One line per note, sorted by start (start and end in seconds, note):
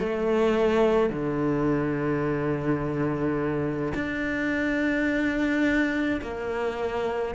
0.00 1.10 A3
1.10 3.93 D3
3.95 6.22 D4
6.22 7.35 A#3